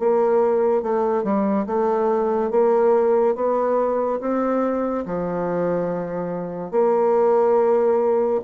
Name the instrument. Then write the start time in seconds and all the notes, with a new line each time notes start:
bassoon
0.00 A#3
0.83 A3
1.24 G3
1.67 A3
2.52 A#3
3.36 B3
4.21 C4
5.06 F3
6.72 A#3